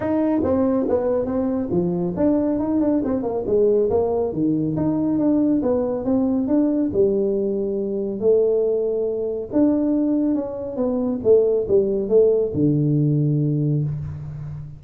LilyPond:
\new Staff \with { instrumentName = "tuba" } { \time 4/4 \tempo 4 = 139 dis'4 c'4 b4 c'4 | f4 d'4 dis'8 d'8 c'8 ais8 | gis4 ais4 dis4 dis'4 | d'4 b4 c'4 d'4 |
g2. a4~ | a2 d'2 | cis'4 b4 a4 g4 | a4 d2. | }